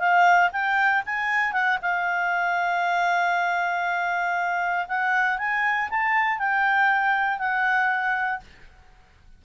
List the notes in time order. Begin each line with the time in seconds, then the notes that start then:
0.00 F5
0.53 G5
1.06 G#5
1.53 F#5
1.82 F5
4.88 F#5
5.39 G#5
5.90 A5
6.39 G5
7.39 F#5